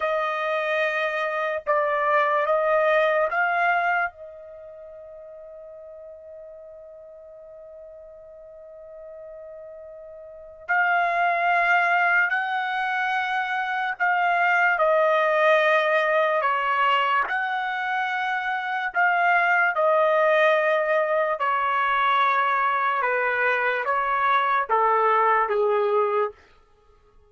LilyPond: \new Staff \with { instrumentName = "trumpet" } { \time 4/4 \tempo 4 = 73 dis''2 d''4 dis''4 | f''4 dis''2.~ | dis''1~ | dis''4 f''2 fis''4~ |
fis''4 f''4 dis''2 | cis''4 fis''2 f''4 | dis''2 cis''2 | b'4 cis''4 a'4 gis'4 | }